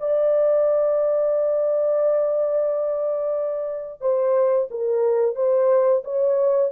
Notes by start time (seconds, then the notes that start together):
0.00 D5
4.01 C5
4.71 A#4
5.36 C5
6.05 C#5